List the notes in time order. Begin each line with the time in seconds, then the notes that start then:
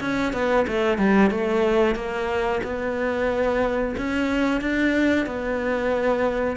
0.00 C#4
0.33 B3
0.67 A3
0.98 G3
1.30 A3
1.95 A#3
2.63 B3
3.97 C#4
4.61 D4
5.26 B3